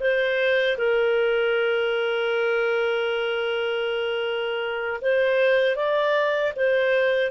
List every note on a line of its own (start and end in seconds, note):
0.00 0.77 C5
0.78 5.01 A#4
5.01 5.76 C5
5.76 6.53 D5
6.56 7.31 C5